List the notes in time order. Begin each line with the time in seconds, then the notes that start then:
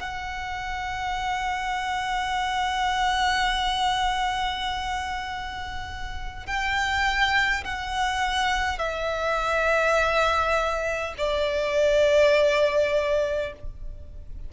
0.00 F#5
6.47 G5
7.65 F#5
8.79 E5
11.18 D5